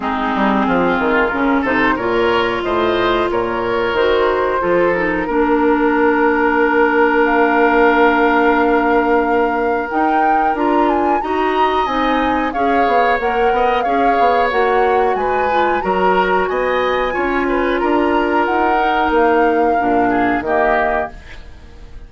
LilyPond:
<<
  \new Staff \with { instrumentName = "flute" } { \time 4/4 \tempo 4 = 91 gis'2 ais'8 c''8 cis''4 | dis''4 cis''4 c''4. ais'8~ | ais'2. f''4~ | f''2. g''4 |
ais''8 gis''8 ais''4 gis''4 f''4 | fis''4 f''4 fis''4 gis''4 | ais''4 gis''2 ais''4 | fis''4 f''2 dis''4 | }
  \new Staff \with { instrumentName = "oboe" } { \time 4/4 dis'4 f'4. a'8 ais'4 | c''4 ais'2 a'4 | ais'1~ | ais'1~ |
ais'4 dis''2 cis''4~ | cis''8 dis''8 cis''2 b'4 | ais'4 dis''4 cis''8 b'8 ais'4~ | ais'2~ ais'8 gis'8 g'4 | }
  \new Staff \with { instrumentName = "clarinet" } { \time 4/4 c'2 cis'8 dis'8 f'4~ | f'2 fis'4 f'8 dis'8 | d'1~ | d'2. dis'4 |
f'4 fis'4 dis'4 gis'4 | ais'4 gis'4 fis'4. f'8 | fis'2 f'2~ | f'8 dis'4. d'4 ais4 | }
  \new Staff \with { instrumentName = "bassoon" } { \time 4/4 gis8 g8 f8 dis8 cis8 c8 ais,4 | a,4 ais,4 dis4 f4 | ais1~ | ais2. dis'4 |
d'4 dis'4 c'4 cis'8 b8 | ais8 b8 cis'8 b8 ais4 gis4 | fis4 b4 cis'4 d'4 | dis'4 ais4 ais,4 dis4 | }
>>